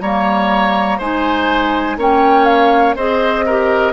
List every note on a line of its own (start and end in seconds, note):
0.00 0.99 G3
0.00 1.01 A#3
0.00 0.98 C#5
0.00 0.98 A#5
0.98 1.97 G#3
0.98 1.98 D#4
0.98 1.96 C5
0.98 1.99 G#5
1.97 2.95 A#3
1.97 2.97 C#4
1.97 2.95 C#5
1.97 2.45 G5
2.45 2.94 F5
2.95 3.93 C4
2.95 3.47 G#4
2.95 3.45 C5
2.95 3.93 D#5
3.45 3.93 G4
3.45 3.93 A#4